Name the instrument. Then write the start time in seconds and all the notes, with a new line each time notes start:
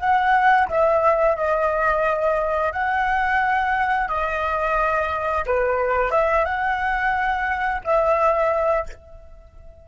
flute
0.00 F#5
0.69 E5
1.37 D#5
2.72 F#5
4.09 D#5
5.47 B4
6.11 E5
6.46 F#5
7.85 E5